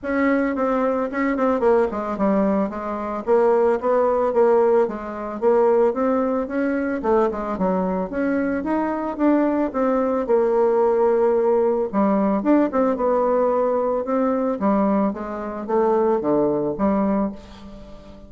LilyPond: \new Staff \with { instrumentName = "bassoon" } { \time 4/4 \tempo 4 = 111 cis'4 c'4 cis'8 c'8 ais8 gis8 | g4 gis4 ais4 b4 | ais4 gis4 ais4 c'4 | cis'4 a8 gis8 fis4 cis'4 |
dis'4 d'4 c'4 ais4~ | ais2 g4 d'8 c'8 | b2 c'4 g4 | gis4 a4 d4 g4 | }